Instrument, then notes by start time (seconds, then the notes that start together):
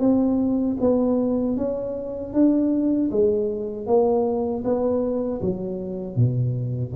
tuba
0.00 C4
0.80 B3
1.57 C#4
2.33 D4
3.11 G#3
3.87 A#3
4.64 B3
5.42 F#3
6.16 B2